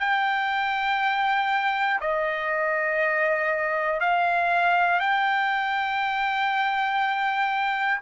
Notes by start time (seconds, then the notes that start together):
0.00 G5
2.00 D#5
4.00 F5
5.00 G5